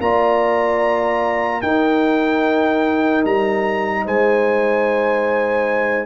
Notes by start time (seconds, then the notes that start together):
0.00 A#3 F4 D5 A#5
1.62 D#4 A#4 G5
3.25 G3 A#5
4.05 G#3 C5 G#5